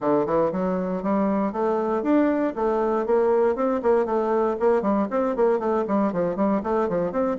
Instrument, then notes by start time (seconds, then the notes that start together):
bassoon
0.00 D3
0.25 E3
0.52 F#3
1.02 G3
1.52 A3
2.02 D4
2.55 A3
3.06 A#3
3.55 C4
3.82 A#3
4.05 A3
4.59 A#3
4.82 G3
5.10 C4
5.36 A#3
5.59 A3
5.87 G3
6.12 F3
6.36 G3
6.63 A3
6.88 F3
7.12 C4